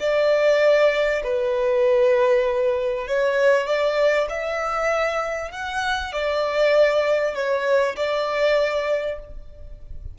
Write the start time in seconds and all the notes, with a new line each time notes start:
0.00 D5
1.24 B4
3.07 C#5
3.67 D5
4.29 E5
5.51 F#5
6.13 D5
7.35 C#5
7.96 D5